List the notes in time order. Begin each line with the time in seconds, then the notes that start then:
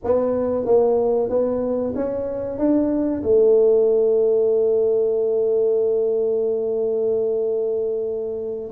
0.04 B3
0.65 A#3
1.29 B3
1.95 C#4
2.57 D4
3.22 A3